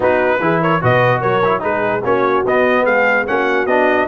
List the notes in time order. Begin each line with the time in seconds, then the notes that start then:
0.00 B3 D#4 F#4 B4
0.39 E3 E4 G#4
0.61 A#4 C#5
0.81 B2 F#4 B4 D#5
1.20 F#3 A#4 C#5
1.44 E4
1.60 G#3 D#4 G#4 B4
2.03 A#3 C#4 F#4 C#5
2.45 B3 D#5
2.83 G#3 G#4 F5
3.26 A#3 C#4 F#4 F#5
3.66 B3 D4 D#5